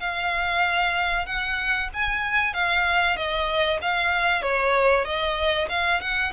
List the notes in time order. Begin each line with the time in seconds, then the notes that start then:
0.00 F5
1.26 F#5
1.94 G#5
2.54 F5
3.16 D#5
3.82 F5
4.42 C#5
5.05 D#5
5.69 F5
6.01 F#5